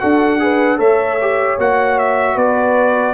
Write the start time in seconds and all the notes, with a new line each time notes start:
0.00 D4 F#4 A4 F#5
0.40 G#4 B4
0.78 A3 A4 C#5 E5
1.21 G4
1.59 A#3 F#4 F#5
1.99 E5
2.36 B3 B4 D5